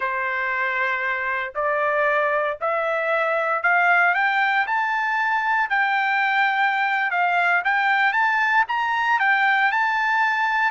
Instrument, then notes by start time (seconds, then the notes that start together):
trumpet
0.00 C5
1.54 D5
2.61 E5
3.62 F5
4.14 G5
4.66 A5
5.69 G5
7.10 F5
7.64 G5
8.12 A5
8.68 A#5
9.19 G5
9.71 A5